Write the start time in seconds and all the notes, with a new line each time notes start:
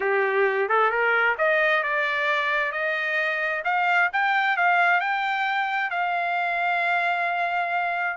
0.00 G4
0.68 A4
0.90 A#4
1.38 D#5
1.83 D5
2.71 D#5
3.64 F5
4.12 G5
4.56 F5
5.00 G5
5.90 F5